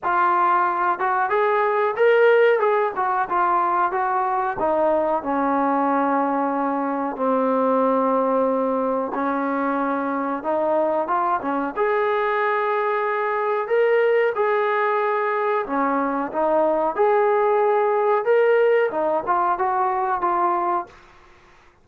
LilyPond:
\new Staff \with { instrumentName = "trombone" } { \time 4/4 \tempo 4 = 92 f'4. fis'8 gis'4 ais'4 | gis'8 fis'8 f'4 fis'4 dis'4 | cis'2. c'4~ | c'2 cis'2 |
dis'4 f'8 cis'8 gis'2~ | gis'4 ais'4 gis'2 | cis'4 dis'4 gis'2 | ais'4 dis'8 f'8 fis'4 f'4 | }